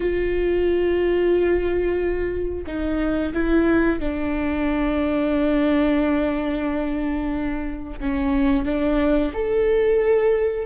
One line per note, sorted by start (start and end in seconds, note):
0.00 2.64 F4
2.66 3.33 D#4
3.33 3.99 E4
3.99 7.99 D4
7.99 8.65 C#4
8.65 9.32 D4
9.33 10.65 A4